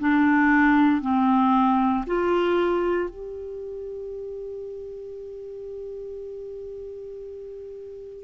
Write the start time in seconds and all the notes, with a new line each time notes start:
0.00 D4
1.02 C4
2.07 F4
3.10 G4